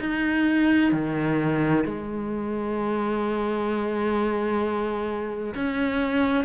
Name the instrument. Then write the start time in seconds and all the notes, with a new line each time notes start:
cello
0.00 D#4
0.92 D#3
1.85 G#3
5.55 C#4